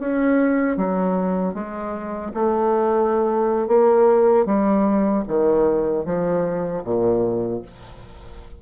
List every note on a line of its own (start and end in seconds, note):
0.00 0.77 C#4
0.77 1.54 F#3
1.54 2.32 G#3
2.34 3.68 A3
3.68 4.46 A#3
4.46 5.24 G3
5.28 6.06 D#3
6.06 6.84 F3
6.84 7.62 A#2